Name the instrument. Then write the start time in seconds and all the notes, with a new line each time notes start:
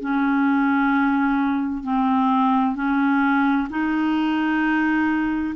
clarinet
0.00 C#4
1.83 C4
2.76 C#4
3.70 D#4